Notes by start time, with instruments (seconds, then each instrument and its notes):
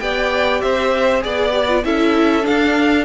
0.00 cello B3, viola G4, violin D5 G5
0.61 cello C4, violin C5 E5
1.21 cello B3, viola G#4, violin D5
1.52 viola G4
1.68 viola F4
1.84 cello C#4, viola E4, violin A4 E5
2.42 viola D4, cello D4, violin F5